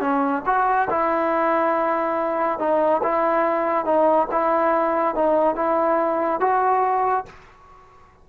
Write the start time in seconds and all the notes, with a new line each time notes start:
0.00 C#4
0.45 F#4
0.90 E4
2.59 D#4
3.03 E4
3.85 D#4
4.31 E4
5.15 D#4
5.55 E4
6.40 F#4